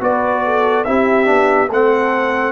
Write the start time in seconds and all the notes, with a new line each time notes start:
0.00 B3 F#4 B4 D5
0.44 A4
0.84 C4 E4 G4 E5
1.25 B3 D4
1.68 A3 C4 A4 F#5